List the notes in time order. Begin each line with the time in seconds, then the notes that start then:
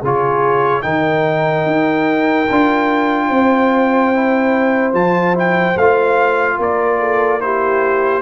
0.00 C#3 F4 G#4
0.06 C#5
0.82 D#3 D#4 A#4 G5
1.66 D#4
2.51 D4 F4
3.28 C4 C5
4.14 E4
4.93 F3 F4 A5
5.34 E4 G5
5.76 A3 F4 F5
6.57 A#3 A#4 D5
7.00 A4
7.41 E4 G4 C5